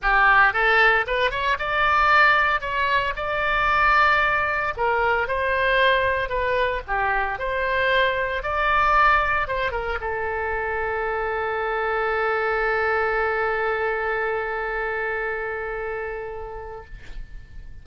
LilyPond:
\new Staff \with { instrumentName = "oboe" } { \time 4/4 \tempo 4 = 114 g'4 a'4 b'8 cis''8 d''4~ | d''4 cis''4 d''2~ | d''4 ais'4 c''2 | b'4 g'4 c''2 |
d''2 c''8 ais'8 a'4~ | a'1~ | a'1~ | a'1 | }